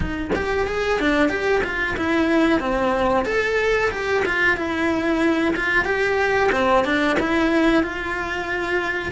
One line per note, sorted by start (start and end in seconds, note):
0.00 0.31 D#4
0.35 0.67 G4
0.67 0.99 G#4
0.99 1.29 D4
1.29 1.61 G4
1.63 1.96 F4
1.97 2.60 E4
2.60 3.25 C4
3.25 3.90 A4
3.91 4.23 G4
4.25 4.56 F4
4.56 5.54 E4
5.56 5.84 F4
5.84 6.50 G4
6.52 6.84 C4
6.84 7.17 D4
7.19 7.83 E4
7.83 9.12 F4